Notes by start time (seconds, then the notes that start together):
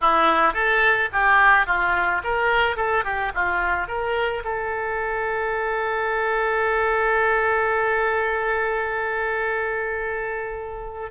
0.01 E4
0.53 A4
1.12 G4
1.66 F4
2.23 A#4
2.76 A4
3.04 G4
3.34 F4
3.87 A#4
4.44 A4